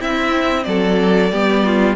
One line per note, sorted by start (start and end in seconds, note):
0.00 1.30 C4
0.00 0.66 C4
0.00 0.66 E4
0.00 0.64 E5
0.64 1.32 F#3
0.64 1.33 A4
0.64 1.95 D5
1.33 1.96 G3
1.33 1.96 B3
1.33 1.65 G4
1.65 1.96 F4